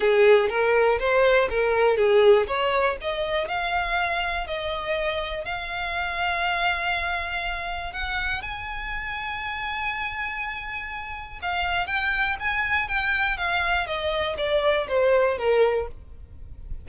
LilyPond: \new Staff \with { instrumentName = "violin" } { \time 4/4 \tempo 4 = 121 gis'4 ais'4 c''4 ais'4 | gis'4 cis''4 dis''4 f''4~ | f''4 dis''2 f''4~ | f''1 |
fis''4 gis''2.~ | gis''2. f''4 | g''4 gis''4 g''4 f''4 | dis''4 d''4 c''4 ais'4 | }